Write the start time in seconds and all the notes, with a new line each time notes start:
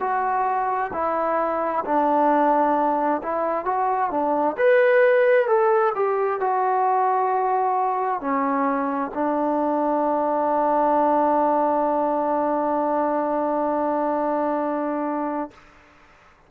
0.00 F#4
0.93 E4
1.85 D4
3.23 E4
3.65 F#4
4.11 D4
4.57 B4
5.48 A4
5.95 G4
6.40 F#4
8.21 C#4
9.14 D4